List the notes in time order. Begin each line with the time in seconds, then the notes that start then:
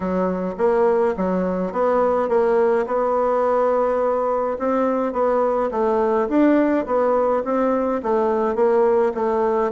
0.00 F#3
0.57 A#3
1.17 F#3
1.72 B3
2.28 A#3
2.86 B3
4.59 C4
5.12 B3
5.71 A3
6.28 D4
6.86 B3
7.44 C4
8.02 A3
8.55 A#3
9.14 A3